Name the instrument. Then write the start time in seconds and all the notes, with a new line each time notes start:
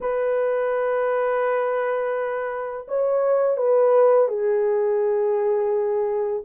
horn
0.00 B4
2.87 C#5
3.57 B4
4.28 G#4